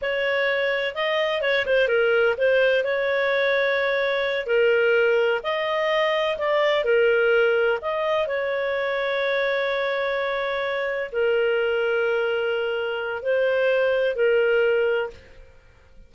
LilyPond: \new Staff \with { instrumentName = "clarinet" } { \time 4/4 \tempo 4 = 127 cis''2 dis''4 cis''8 c''8 | ais'4 c''4 cis''2~ | cis''4. ais'2 dis''8~ | dis''4. d''4 ais'4.~ |
ais'8 dis''4 cis''2~ cis''8~ | cis''2.~ cis''8 ais'8~ | ais'1 | c''2 ais'2 | }